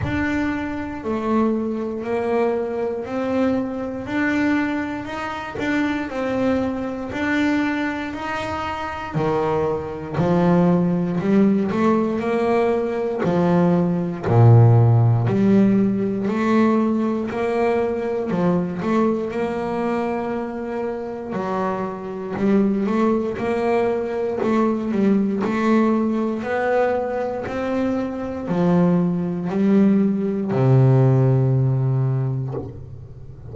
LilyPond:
\new Staff \with { instrumentName = "double bass" } { \time 4/4 \tempo 4 = 59 d'4 a4 ais4 c'4 | d'4 dis'8 d'8 c'4 d'4 | dis'4 dis4 f4 g8 a8 | ais4 f4 ais,4 g4 |
a4 ais4 f8 a8 ais4~ | ais4 fis4 g8 a8 ais4 | a8 g8 a4 b4 c'4 | f4 g4 c2 | }